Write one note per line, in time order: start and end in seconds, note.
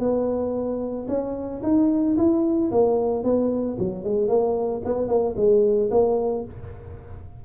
0.00 1.07 B3
1.09 1.62 C#4
1.63 2.17 D#4
2.18 2.71 E4
2.72 3.24 A#3
3.24 3.78 B3
3.79 4.04 F#3
4.04 4.28 G#3
4.28 4.82 A#3
4.85 5.08 B3
5.08 5.35 A#3
5.37 5.91 G#3
5.91 6.45 A#3